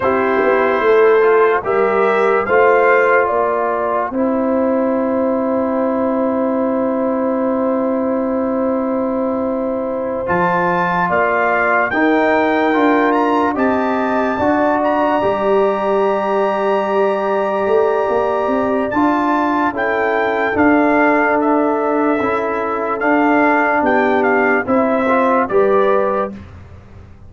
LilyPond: <<
  \new Staff \with { instrumentName = "trumpet" } { \time 4/4 \tempo 4 = 73 c''2 e''4 f''4 | g''1~ | g''1~ | g''8 a''4 f''4 g''4. |
ais''8 a''4. ais''2~ | ais''2. a''4 | g''4 f''4 e''2 | f''4 g''8 f''8 e''4 d''4 | }
  \new Staff \with { instrumentName = "horn" } { \time 4/4 g'4 a'4 ais'4 c''4 | d''4 c''2.~ | c''1~ | c''4. d''4 ais'4.~ |
ais'8 dis''4 d''2~ d''8~ | d''1 | a'1~ | a'4 g'4 c''4 b'4 | }
  \new Staff \with { instrumentName = "trombone" } { \time 4/4 e'4. f'8 g'4 f'4~ | f'4 e'2.~ | e'1~ | e'8 f'2 dis'4 f'8~ |
f'8 g'4 fis'4 g'4.~ | g'2. f'4 | e'4 d'2 e'4 | d'2 e'8 f'8 g'4 | }
  \new Staff \with { instrumentName = "tuba" } { \time 4/4 c'8 b8 a4 g4 a4 | ais4 c'2.~ | c'1~ | c'8 f4 ais4 dis'4 d'8~ |
d'8 c'4 d'4 g4.~ | g4. a8 ais8 c'8 d'4 | cis'4 d'2 cis'4 | d'4 b4 c'4 g4 | }
>>